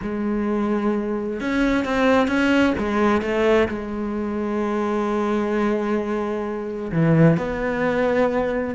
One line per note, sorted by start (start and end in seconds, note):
0.01 1.40 G#3
1.40 1.84 C#4
1.84 2.27 C4
2.27 2.73 C#4
2.78 3.21 G#3
3.21 3.68 A3
3.68 6.91 G#3
6.92 7.37 E3
7.37 8.75 B3